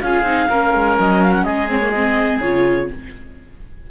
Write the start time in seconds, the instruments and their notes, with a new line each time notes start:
0.00 cello C#4, viola F4, oboe G#4, clarinet F5
0.22 cello C4, viola D#4
0.49 cello A#3, viola C#4, oboe A#4
0.73 cello G#3
0.99 cello F#3, clarinet D#5
1.22 clarinet F5
1.32 clarinet F#5
1.43 cello G#3, oboe G#4, clarinet D#5
1.68 viola C4, clarinet C#5
1.81 viola A#3
1.89 viola C4, clarinet D#5
2.40 cello C#3, viola F4, clarinet C#5